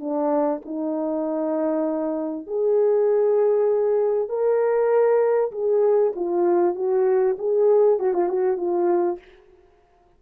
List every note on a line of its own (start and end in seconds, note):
0.00 0.61 D4
0.65 2.47 D#4
2.47 4.29 G#4
4.29 5.51 A#4
5.52 6.13 G#4
6.16 6.75 F4
6.75 7.37 F#4
7.39 7.99 G#4
7.99 8.14 F#4
8.14 8.29 F4
8.29 8.57 F#4
8.57 9.19 F4